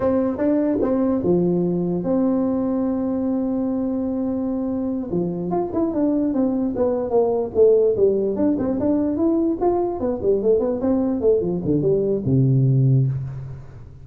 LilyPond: \new Staff \with { instrumentName = "tuba" } { \time 4/4 \tempo 4 = 147 c'4 d'4 c'4 f4~ | f4 c'2.~ | c'1~ | c'8 f4 f'8 e'8 d'4 c'8~ |
c'8 b4 ais4 a4 g8~ | g8 d'8 c'8 d'4 e'4 f'8~ | f'8 b8 g8 a8 b8 c'4 a8 | f8 d8 g4 c2 | }